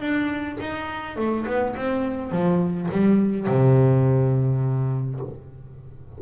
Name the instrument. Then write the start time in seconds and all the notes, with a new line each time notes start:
double bass
0.00 D4
0.60 D#4
1.17 A3
1.46 B3
1.76 C4
2.32 F3
2.91 G3
3.47 C3